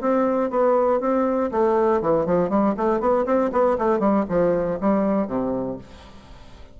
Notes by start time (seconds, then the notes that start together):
0.00 C4
0.50 B3
1.00 C4
1.51 A3
2.01 E3
2.26 F3
2.49 G3
2.77 A3
3.00 B3
3.25 C4
3.52 B3
3.78 A3
3.99 G3
4.29 F3
4.80 G3
5.27 C3